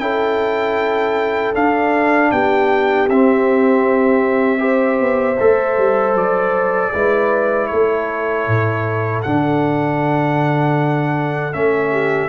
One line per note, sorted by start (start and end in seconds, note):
0.00 1.54 C#4
0.00 1.55 E4
0.00 2.33 A4
0.00 1.54 G5
1.55 2.32 D4
1.55 3.09 D4
1.55 2.31 F5
2.31 3.09 B3
2.31 4.61 G4
2.31 3.08 G5
3.09 5.00 C4
3.09 4.59 C4
3.09 6.17 E5
4.59 5.36 G4
4.59 6.92 C5
5.00 5.39 B3
5.40 5.78 A3
5.40 6.94 A4
5.78 6.15 G3
6.15 6.92 F#3
6.15 7.67 D5
6.94 7.71 G#3
6.94 9.25 E4
6.94 7.70 B4
7.67 8.48 A3
7.67 11.92 A4
7.67 9.21 C#5
8.48 9.25 A2
9.23 11.55 D3
9.23 11.53 D4
9.23 11.54 F#5
11.53 12.29 A3
11.53 12.29 C#4
11.53 12.29 E5
11.92 12.29 G4